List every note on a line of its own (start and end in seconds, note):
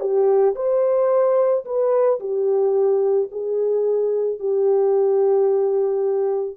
0.00 0.55 G4
0.56 1.65 C5
1.65 2.19 B4
2.20 3.29 G4
3.31 4.39 G#4
4.39 6.57 G4